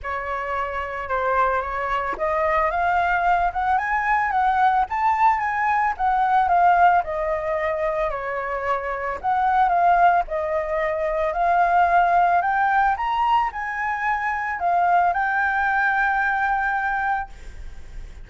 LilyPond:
\new Staff \with { instrumentName = "flute" } { \time 4/4 \tempo 4 = 111 cis''2 c''4 cis''4 | dis''4 f''4. fis''8 gis''4 | fis''4 a''4 gis''4 fis''4 | f''4 dis''2 cis''4~ |
cis''4 fis''4 f''4 dis''4~ | dis''4 f''2 g''4 | ais''4 gis''2 f''4 | g''1 | }